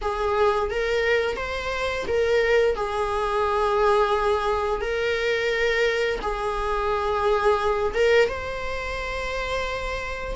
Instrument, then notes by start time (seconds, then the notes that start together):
viola
0.01 G#4
0.70 A#4
1.36 C5
2.07 A#4
2.75 G#4
4.81 A#4
6.21 G#4
7.94 A#4
8.28 C5